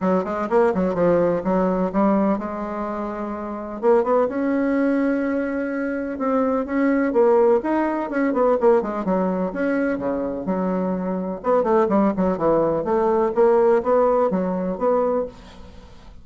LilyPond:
\new Staff \with { instrumentName = "bassoon" } { \time 4/4 \tempo 4 = 126 fis8 gis8 ais8 fis8 f4 fis4 | g4 gis2. | ais8 b8 cis'2.~ | cis'4 c'4 cis'4 ais4 |
dis'4 cis'8 b8 ais8 gis8 fis4 | cis'4 cis4 fis2 | b8 a8 g8 fis8 e4 a4 | ais4 b4 fis4 b4 | }